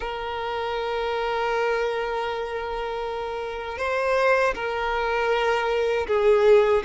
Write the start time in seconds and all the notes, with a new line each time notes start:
0.00 A#4
3.78 C5
4.55 A#4
6.07 G#4